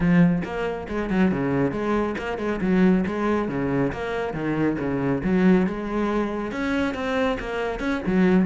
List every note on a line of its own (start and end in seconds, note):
0.00 0.42 F3
0.43 0.87 A#3
0.88 1.09 G#3
1.09 1.31 F#3
1.31 1.71 C#3
1.71 2.15 G#3
2.18 2.38 A#3
2.38 2.59 G#3
2.61 3.04 F#3
3.06 3.48 G#3
3.48 3.92 C#3
3.92 4.33 A#3
4.33 4.77 D#3
4.78 5.22 C#3
5.23 5.66 F#3
5.66 6.51 G#3
6.51 6.94 C#4
6.94 7.37 C4
7.39 7.79 A#3
7.79 8.01 C#4
8.06 8.45 F#3